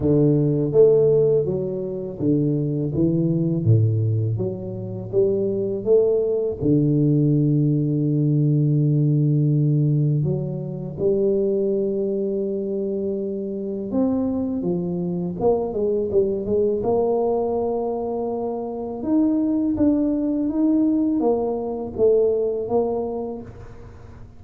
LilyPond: \new Staff \with { instrumentName = "tuba" } { \time 4/4 \tempo 4 = 82 d4 a4 fis4 d4 | e4 a,4 fis4 g4 | a4 d2.~ | d2 fis4 g4~ |
g2. c'4 | f4 ais8 gis8 g8 gis8 ais4~ | ais2 dis'4 d'4 | dis'4 ais4 a4 ais4 | }